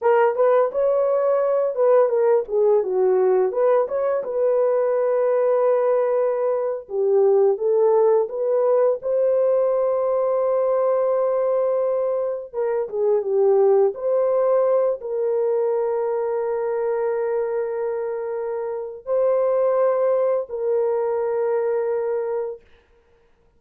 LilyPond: \new Staff \with { instrumentName = "horn" } { \time 4/4 \tempo 4 = 85 ais'8 b'8 cis''4. b'8 ais'8 gis'8 | fis'4 b'8 cis''8 b'2~ | b'4.~ b'16 g'4 a'4 b'16~ | b'8. c''2.~ c''16~ |
c''4.~ c''16 ais'8 gis'8 g'4 c''16~ | c''4~ c''16 ais'2~ ais'8.~ | ais'2. c''4~ | c''4 ais'2. | }